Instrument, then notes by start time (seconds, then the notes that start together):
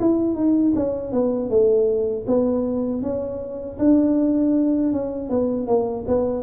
tuba
0.00 E4
0.34 D#4
0.75 C#4
1.12 B3
1.49 A3
2.26 B3
3.02 C#4
3.78 D4
4.92 C#4
5.29 B3
5.67 A#3
6.07 B3